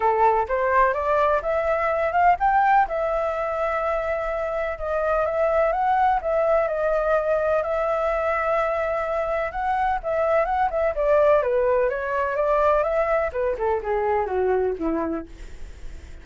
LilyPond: \new Staff \with { instrumentName = "flute" } { \time 4/4 \tempo 4 = 126 a'4 c''4 d''4 e''4~ | e''8 f''8 g''4 e''2~ | e''2 dis''4 e''4 | fis''4 e''4 dis''2 |
e''1 | fis''4 e''4 fis''8 e''8 d''4 | b'4 cis''4 d''4 e''4 | b'8 a'8 gis'4 fis'4 e'4 | }